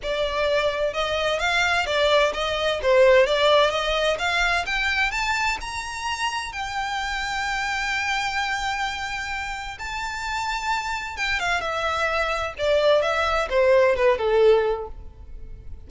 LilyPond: \new Staff \with { instrumentName = "violin" } { \time 4/4 \tempo 4 = 129 d''2 dis''4 f''4 | d''4 dis''4 c''4 d''4 | dis''4 f''4 g''4 a''4 | ais''2 g''2~ |
g''1~ | g''4 a''2. | g''8 f''8 e''2 d''4 | e''4 c''4 b'8 a'4. | }